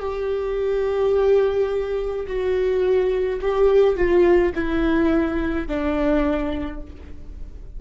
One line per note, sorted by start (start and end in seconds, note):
0.00 2.26 G4
2.27 3.40 F#4
3.41 3.96 G4
3.96 4.53 F4
4.54 5.68 E4
5.68 6.81 D4